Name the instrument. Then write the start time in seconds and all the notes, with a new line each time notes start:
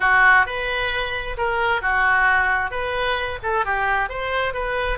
oboe
0.00 F#4
0.45 B4
1.37 A#4
1.81 F#4
2.70 B4
3.42 A4
3.65 G4
4.09 C5
4.53 B4